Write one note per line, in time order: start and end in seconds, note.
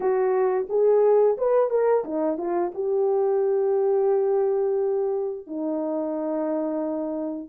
0.00 0.67 F#4
0.68 1.37 G#4
1.37 1.70 B4
1.70 2.04 A#4
2.04 2.37 D#4
2.37 2.71 F4
2.74 5.47 G4
5.47 7.48 D#4